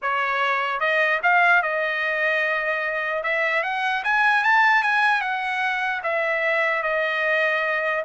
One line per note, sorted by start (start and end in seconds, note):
0.02 0.80 C#5
0.80 1.20 D#5
1.22 1.62 F5
1.62 3.23 D#5
3.23 3.63 E5
3.63 4.03 F#5
4.04 4.43 G#5
4.43 4.82 A5
4.82 5.21 G#5
5.21 6.01 F#5
6.03 6.82 E5
6.82 8.03 D#5